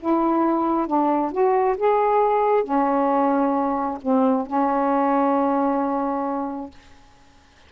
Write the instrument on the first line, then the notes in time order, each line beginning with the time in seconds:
saxophone
0.00 E4
0.87 D4
1.32 F#4
1.77 G#4
2.64 C#4
4.02 C4
4.47 C#4